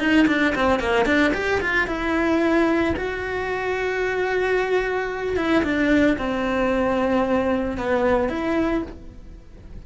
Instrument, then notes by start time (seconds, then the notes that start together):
cello
0.00 D#4
0.28 D4
0.56 C4
0.80 A#3
1.06 D4
1.34 G4
1.61 F4
1.88 E4
2.97 F#4
5.37 E4
5.64 D4
6.19 C4
7.78 B3
8.30 E4